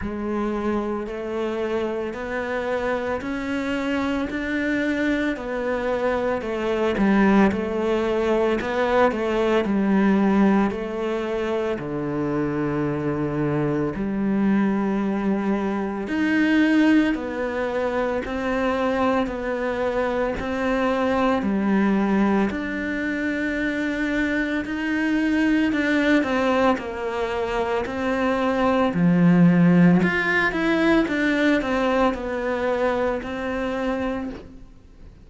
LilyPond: \new Staff \with { instrumentName = "cello" } { \time 4/4 \tempo 4 = 56 gis4 a4 b4 cis'4 | d'4 b4 a8 g8 a4 | b8 a8 g4 a4 d4~ | d4 g2 dis'4 |
b4 c'4 b4 c'4 | g4 d'2 dis'4 | d'8 c'8 ais4 c'4 f4 | f'8 e'8 d'8 c'8 b4 c'4 | }